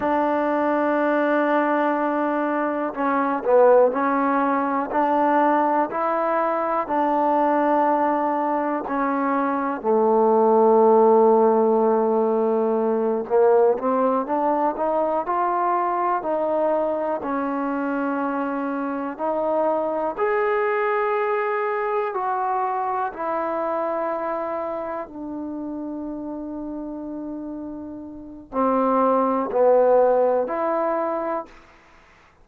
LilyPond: \new Staff \with { instrumentName = "trombone" } { \time 4/4 \tempo 4 = 61 d'2. cis'8 b8 | cis'4 d'4 e'4 d'4~ | d'4 cis'4 a2~ | a4. ais8 c'8 d'8 dis'8 f'8~ |
f'8 dis'4 cis'2 dis'8~ | dis'8 gis'2 fis'4 e'8~ | e'4. d'2~ d'8~ | d'4 c'4 b4 e'4 | }